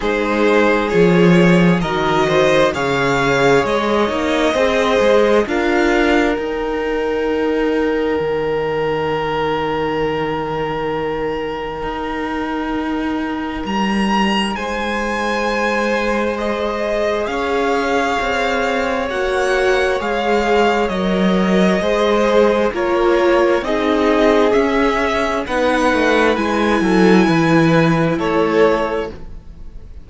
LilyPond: <<
  \new Staff \with { instrumentName = "violin" } { \time 4/4 \tempo 4 = 66 c''4 cis''4 dis''4 f''4 | dis''2 f''4 g''4~ | g''1~ | g''2. ais''4 |
gis''2 dis''4 f''4~ | f''4 fis''4 f''4 dis''4~ | dis''4 cis''4 dis''4 e''4 | fis''4 gis''2 cis''4 | }
  \new Staff \with { instrumentName = "violin" } { \time 4/4 gis'2 ais'8 c''8 cis''4~ | cis''4 c''4 ais'2~ | ais'1~ | ais'1 |
c''2. cis''4~ | cis''1 | c''4 ais'4 gis'2 | b'4. a'8 b'4 a'4 | }
  \new Staff \with { instrumentName = "viola" } { \time 4/4 dis'4 f'4 fis'4 gis'4~ | gis'8 dis'8 gis'4 f'4 dis'4~ | dis'1~ | dis'1~ |
dis'2 gis'2~ | gis'4 fis'4 gis'4 ais'4 | gis'4 f'4 dis'4 cis'4 | dis'4 e'2. | }
  \new Staff \with { instrumentName = "cello" } { \time 4/4 gis4 f4 dis4 cis4 | gis8 ais8 c'8 gis8 d'4 dis'4~ | dis'4 dis2.~ | dis4 dis'2 g4 |
gis2. cis'4 | c'4 ais4 gis4 fis4 | gis4 ais4 c'4 cis'4 | b8 a8 gis8 fis8 e4 a4 | }
>>